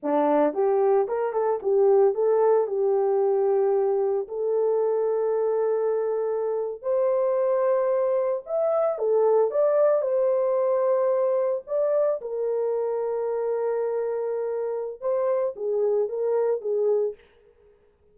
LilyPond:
\new Staff \with { instrumentName = "horn" } { \time 4/4 \tempo 4 = 112 d'4 g'4 ais'8 a'8 g'4 | a'4 g'2. | a'1~ | a'8. c''2. e''16~ |
e''8. a'4 d''4 c''4~ c''16~ | c''4.~ c''16 d''4 ais'4~ ais'16~ | ais'1 | c''4 gis'4 ais'4 gis'4 | }